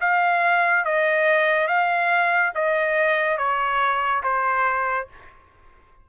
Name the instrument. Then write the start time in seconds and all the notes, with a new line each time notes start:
trumpet
0.00 F5
0.84 D#5
1.67 F5
2.54 D#5
3.37 C#5
4.23 C5